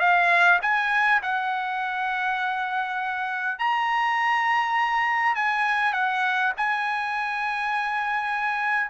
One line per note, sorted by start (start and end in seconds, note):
0.00 0.59 F5
0.62 1.22 G#5
1.22 3.59 F#5
3.59 5.35 A#5
5.35 5.93 G#5
5.93 6.53 F#5
6.57 8.90 G#5